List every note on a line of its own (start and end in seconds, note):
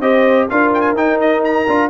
0.00 0.48 C4
0.00 0.49 G4
0.00 0.49 C5
0.00 0.48 D#5
0.49 0.93 D4
0.49 0.96 F4
0.49 1.90 A#4
0.49 0.73 F5
0.74 0.81 G5
0.81 0.93 G#5
0.93 1.64 D#4
0.93 1.67 D#4
0.93 1.20 G5
1.20 1.44 D#5
1.44 1.90 A#5
1.67 1.90 D4
1.67 1.90 F4